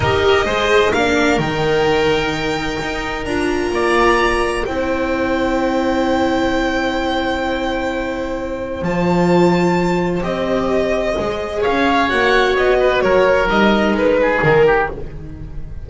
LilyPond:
<<
  \new Staff \with { instrumentName = "violin" } { \time 4/4 \tempo 4 = 129 dis''2 f''4 g''4~ | g''2. ais''4~ | ais''2 g''2~ | g''1~ |
g''2. a''4~ | a''2 dis''2~ | dis''4 f''4 fis''4 dis''4 | cis''4 dis''4 b'4 ais'4 | }
  \new Staff \with { instrumentName = "oboe" } { \time 4/4 ais'4 c''4 ais'2~ | ais'1 | d''2 c''2~ | c''1~ |
c''1~ | c''1~ | c''4 cis''2~ cis''8 b'8 | ais'2~ ais'8 gis'4 g'8 | }
  \new Staff \with { instrumentName = "viola" } { \time 4/4 g'4 gis'4 d'4 dis'4~ | dis'2. f'4~ | f'2 e'2~ | e'1~ |
e'2. f'4~ | f'2 g'2 | gis'2 fis'2~ | fis'4 dis'2. | }
  \new Staff \with { instrumentName = "double bass" } { \time 4/4 dis'4 gis4 ais4 dis4~ | dis2 dis'4 d'4 | ais2 c'2~ | c'1~ |
c'2. f4~ | f2 c'2 | gis4 cis'4 ais4 b4 | fis4 g4 gis4 dis4 | }
>>